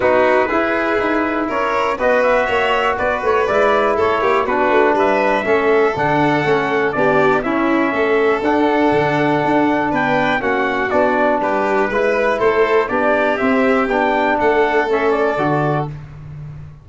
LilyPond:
<<
  \new Staff \with { instrumentName = "trumpet" } { \time 4/4 \tempo 4 = 121 b'2. cis''4 | dis''8 e''4. d''8 cis''8 d''4 | cis''4 b'4 e''2 | fis''2 d''4 e''4~ |
e''4 fis''2. | g''4 fis''4 d''4 b'4~ | b'4 c''4 d''4 e''4 | g''4 fis''4 e''8 d''4. | }
  \new Staff \with { instrumentName = "violin" } { \time 4/4 fis'4 gis'2 ais'4 | b'4 cis''4 b'2 | a'8 g'8 fis'4 b'4 a'4~ | a'2 g'4 e'4 |
a'1 | b'4 fis'2 g'4 | b'4 a'4 g'2~ | g'4 a'2. | }
  \new Staff \with { instrumentName = "trombone" } { \time 4/4 dis'4 e'2. | fis'2. e'4~ | e'4 d'2 cis'4 | d'4 cis'4 d'4 cis'4~ |
cis'4 d'2.~ | d'4 cis'4 d'2 | e'2 d'4 c'4 | d'2 cis'4 fis'4 | }
  \new Staff \with { instrumentName = "tuba" } { \time 4/4 b4 e'4 dis'4 cis'4 | b4 ais4 b8 a8 gis4 | a8 ais8 b8 a8 g4 a4 | d4 a4 b4 cis'4 |
a4 d'4 d4 d'4 | b4 ais4 b4 g4 | gis4 a4 b4 c'4 | b4 a2 d4 | }
>>